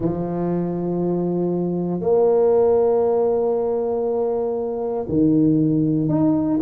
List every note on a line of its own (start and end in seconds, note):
0.00 2.00 F3
2.00 5.05 A#3
5.08 6.08 D#3
6.08 6.59 D#4